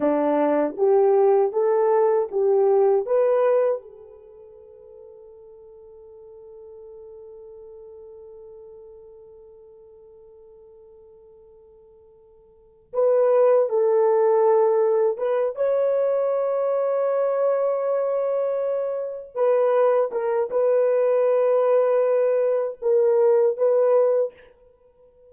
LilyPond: \new Staff \with { instrumentName = "horn" } { \time 4/4 \tempo 4 = 79 d'4 g'4 a'4 g'4 | b'4 a'2.~ | a'1~ | a'1~ |
a'4 b'4 a'2 | b'8 cis''2.~ cis''8~ | cis''4. b'4 ais'8 b'4~ | b'2 ais'4 b'4 | }